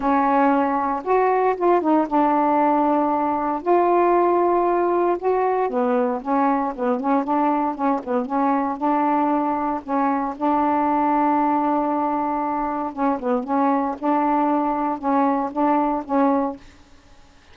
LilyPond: \new Staff \with { instrumentName = "saxophone" } { \time 4/4 \tempo 4 = 116 cis'2 fis'4 f'8 dis'8 | d'2. f'4~ | f'2 fis'4 b4 | cis'4 b8 cis'8 d'4 cis'8 b8 |
cis'4 d'2 cis'4 | d'1~ | d'4 cis'8 b8 cis'4 d'4~ | d'4 cis'4 d'4 cis'4 | }